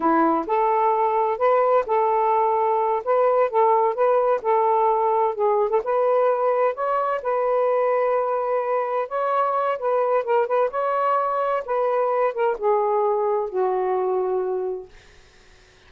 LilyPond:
\new Staff \with { instrumentName = "saxophone" } { \time 4/4 \tempo 4 = 129 e'4 a'2 b'4 | a'2~ a'8 b'4 a'8~ | a'8 b'4 a'2 gis'8~ | gis'16 a'16 b'2 cis''4 b'8~ |
b'2.~ b'8 cis''8~ | cis''4 b'4 ais'8 b'8 cis''4~ | cis''4 b'4. ais'8 gis'4~ | gis'4 fis'2. | }